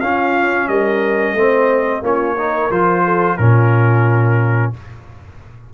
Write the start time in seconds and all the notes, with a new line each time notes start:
0.00 C#4 F4 F5
0.67 G3 A#4 D#5
1.33 A3 C4 C5
2.01 A#3 C#4 F4 C#5
2.37 D#4 A#4
2.70 F3 F4 C5
3.04 A4
3.37 A#2 C#4 F4 A#4